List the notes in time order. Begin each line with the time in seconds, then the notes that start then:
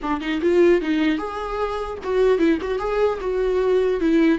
0.02 D4
0.20 D#4
0.41 F4
0.81 D#4
1.18 G#4
2.03 F#4
2.38 E4
2.61 F#4
2.78 G#4
3.21 F#4
4.00 E4